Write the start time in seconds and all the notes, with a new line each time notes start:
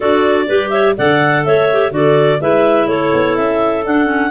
0.00 D4 F#4 A4 D5
0.48 G3 G4 B4
0.70 C#5 E5
0.96 D3 A4 D5 F#5
1.44 A3 C#5 E5
1.72 G4
1.90 D3 F#4 A4 D5
2.40 G#3 E4 B4 E5
2.87 A3 A4 C#5
3.13 B3
3.36 C#4 E5
3.84 D4 F#5
4.05 C#4